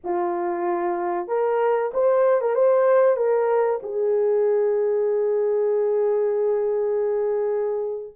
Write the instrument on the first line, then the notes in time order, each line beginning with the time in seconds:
horn
0.03 F4
1.27 A#4
1.93 C5
2.41 A#4
2.54 C5
3.16 A#4
3.83 G#4